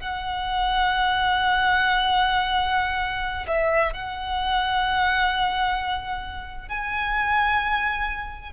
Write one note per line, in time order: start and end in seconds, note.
0.00 3.46 F#5
3.47 3.93 E5
3.93 6.68 F#5
6.68 8.53 G#5